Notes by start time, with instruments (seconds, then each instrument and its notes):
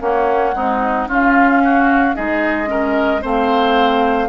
0.00 clarinet A#3, bassoon A#3, oboe C#4, flute F#5
0.52 clarinet G#3, bassoon C4, oboe D#4
1.08 bassoon C#4, clarinet C#4, oboe F4, flute F5
1.64 oboe F#4
2.15 bassoon G#3, clarinet D#4, oboe G#4, flute D#5
2.67 clarinet C#4, oboe A#4
3.22 bassoon A3, clarinet C4, oboe C5, flute F5